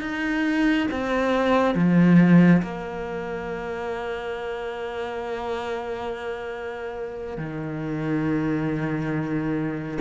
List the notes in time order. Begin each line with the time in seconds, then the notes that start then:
0.00 D#4
0.91 C4
1.74 F3
2.62 A#3
7.37 D#3